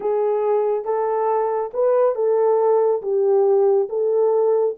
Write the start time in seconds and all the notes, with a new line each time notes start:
0.00 G#4
0.84 A4
1.73 B4
2.15 A4
3.02 G4
3.89 A4